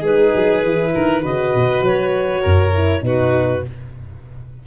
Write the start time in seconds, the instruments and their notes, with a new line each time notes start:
0.00 tuba G#3, horn D#4, violin G#4, clarinet B4
0.34 tuba F#3
0.63 tuba E3, horn E4
0.94 tuba D#3, violin A#4
1.22 tuba C#3, horn F#4, violin B4, clarinet D#5
1.55 tuba B2
1.81 tuba F#3, clarinet C#5
2.41 tuba F#2, violin A#4
2.74 horn E4
3.01 tuba B2, horn D#4, violin F#4, clarinet B4